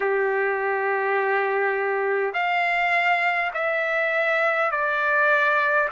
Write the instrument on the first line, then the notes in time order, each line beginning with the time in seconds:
trumpet
0.00 G4
2.33 F5
3.53 E5
4.71 D5